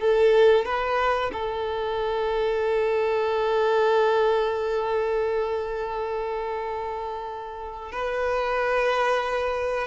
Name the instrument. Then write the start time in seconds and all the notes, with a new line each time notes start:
violin
0.00 A4
0.65 B4
1.33 A4
7.92 B4